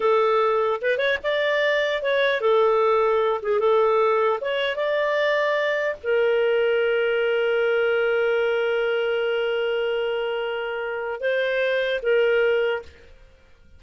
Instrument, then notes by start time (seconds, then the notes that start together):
clarinet
0.00 A4
0.81 B4
0.97 C#5
1.23 D5
2.02 C#5
2.40 A4
3.42 G#4
3.59 A4
4.41 C#5
4.75 D5
6.03 A#4
11.20 C5
12.02 A#4